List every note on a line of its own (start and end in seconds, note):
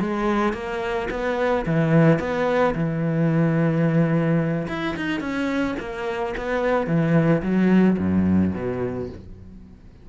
0.00 0.53 G#3
0.53 1.08 A#3
1.10 1.65 B3
1.66 2.19 E3
2.19 2.74 B3
2.75 4.68 E3
4.68 4.96 E4
4.96 5.20 D#4
5.20 5.75 C#4
5.80 6.35 A#3
6.37 6.87 B3
6.87 7.42 E3
7.42 7.97 F#3
7.98 8.53 F#2
8.54 9.09 B2